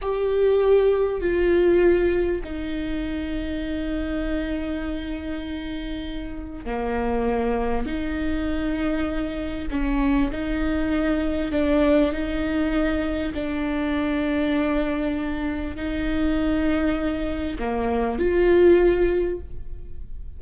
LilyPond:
\new Staff \with { instrumentName = "viola" } { \time 4/4 \tempo 4 = 99 g'2 f'2 | dis'1~ | dis'2. ais4~ | ais4 dis'2. |
cis'4 dis'2 d'4 | dis'2 d'2~ | d'2 dis'2~ | dis'4 ais4 f'2 | }